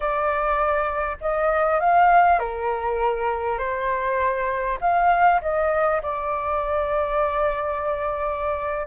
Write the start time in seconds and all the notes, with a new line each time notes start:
0.00 D5
1.20 D#5
1.79 F5
2.39 A#4
3.58 C5
4.80 F5
5.41 D#5
6.02 D5